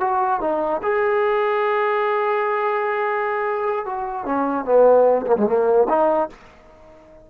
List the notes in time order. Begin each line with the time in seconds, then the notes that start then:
0.00 F#4
0.41 D#4
0.83 G#4
3.85 F#4
4.25 C#4
4.65 B3
5.26 A#3
5.37 G#3
5.47 A#3
5.89 D#4